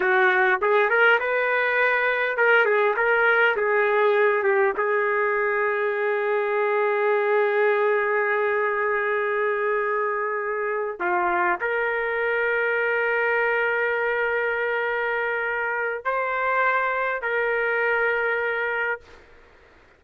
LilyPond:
\new Staff \with { instrumentName = "trumpet" } { \time 4/4 \tempo 4 = 101 fis'4 gis'8 ais'8 b'2 | ais'8 gis'8 ais'4 gis'4. g'8 | gis'1~ | gis'1~ |
gis'2~ gis'8 f'4 ais'8~ | ais'1~ | ais'2. c''4~ | c''4 ais'2. | }